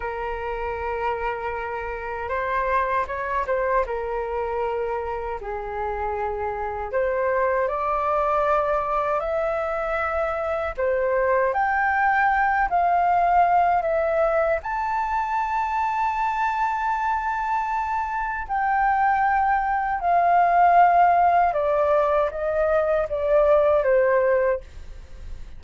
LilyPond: \new Staff \with { instrumentName = "flute" } { \time 4/4 \tempo 4 = 78 ais'2. c''4 | cis''8 c''8 ais'2 gis'4~ | gis'4 c''4 d''2 | e''2 c''4 g''4~ |
g''8 f''4. e''4 a''4~ | a''1 | g''2 f''2 | d''4 dis''4 d''4 c''4 | }